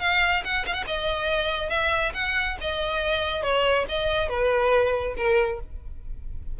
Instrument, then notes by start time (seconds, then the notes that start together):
violin
0.00 F5
0.44 F#5
0.66 F5
0.73 F#5
0.87 D#5
1.69 E5
2.14 F#5
2.61 D#5
3.43 C#5
3.89 D#5
4.29 B4
5.17 A#4